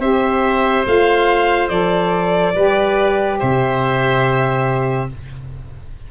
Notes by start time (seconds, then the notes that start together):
0.00 C4 G4 C5 E5
0.86 A3 F4 F5
1.69 F3 A4 D5
2.55 G3 G4 B4
3.39 C3 C5 E5